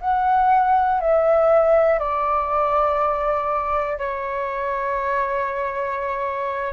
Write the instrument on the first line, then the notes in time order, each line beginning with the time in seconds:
flute
0.00 F#5
1.00 E5
1.99 D5
3.98 C#5